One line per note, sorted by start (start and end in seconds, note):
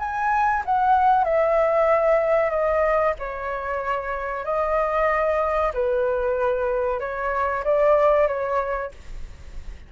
0.00 0.64 G#5
0.66 1.25 F#5
1.25 2.51 E5
2.51 3.15 D#5
3.20 4.45 C#5
4.45 5.73 D#5
5.74 7.00 B4
7.00 7.64 C#5
7.65 8.28 D5
8.28 8.92 C#5